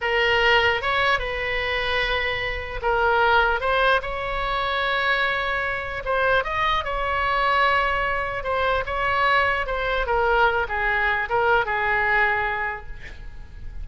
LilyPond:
\new Staff \with { instrumentName = "oboe" } { \time 4/4 \tempo 4 = 149 ais'2 cis''4 b'4~ | b'2. ais'4~ | ais'4 c''4 cis''2~ | cis''2. c''4 |
dis''4 cis''2.~ | cis''4 c''4 cis''2 | c''4 ais'4. gis'4. | ais'4 gis'2. | }